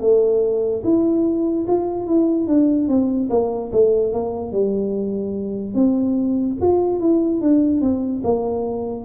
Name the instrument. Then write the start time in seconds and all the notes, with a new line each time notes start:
tuba
0.00 A3
0.84 E4
1.67 F4
2.07 E4
2.47 D4
2.88 C4
3.30 A#3
3.72 A3
4.12 A#3
4.51 G3
5.74 C4
6.61 F4
7.00 E4
7.40 D4
7.81 C4
8.23 A#3